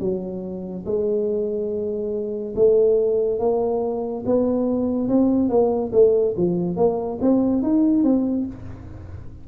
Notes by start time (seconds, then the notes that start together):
0.00 F#3
0.86 G#3
2.55 A3
3.39 A#3
4.26 B3
5.09 C4
5.49 A#3
5.92 A3
6.37 F3
6.76 A#3
7.21 C4
7.62 D#4
8.04 C4